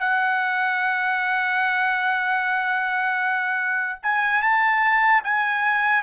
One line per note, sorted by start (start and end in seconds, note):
0.00 4.00 F#5
4.03 4.43 G#5
4.43 5.23 A5
5.25 6.03 G#5